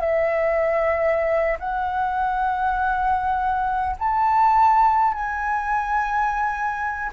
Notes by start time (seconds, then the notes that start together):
0.00 E5
1.60 F#5
3.99 A5
5.14 G#5